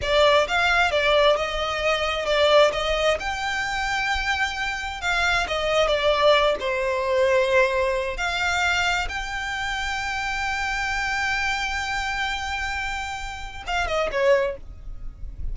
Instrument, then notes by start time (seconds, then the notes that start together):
violin
0.01 D5
0.47 F5
0.91 D5
1.36 D#5
2.25 D5
2.72 D#5
3.19 G5
5.01 F5
5.47 D#5
5.87 D5
6.60 C5
8.17 F5
9.08 G5
13.66 F5
13.87 D#5
14.11 C#5